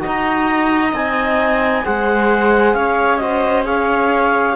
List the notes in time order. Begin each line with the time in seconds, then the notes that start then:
0.00 F#4 D#5
0.06 D#4 A#5
0.93 C4 D#4 G#5
1.85 G#3 G#4 C5 F#5
2.74 C#4 C#5 F5
3.18 F#4 C5 D#5
3.66 G#4 C#5 F5